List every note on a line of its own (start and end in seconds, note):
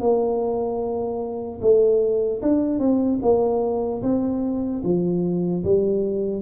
0.00 1.60 A#3
1.61 2.41 A3
2.42 2.79 D4
2.79 3.19 C4
3.22 4.02 A#3
4.03 4.83 C4
4.84 5.64 F3
5.64 6.42 G3